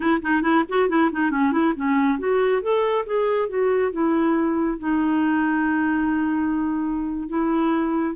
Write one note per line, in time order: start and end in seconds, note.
0.00 0.21 E4
0.22 0.42 D#4
0.42 0.63 E4
0.69 0.88 F#4
0.88 1.10 E4
1.12 1.30 D#4
1.30 1.51 C#4
1.51 1.73 E4
1.76 2.18 C#4
2.18 2.61 F#4
2.61 3.05 A4
3.06 3.48 G#4
3.48 3.92 F#4
3.92 4.79 E4
4.79 7.28 D#4
7.28 8.15 E4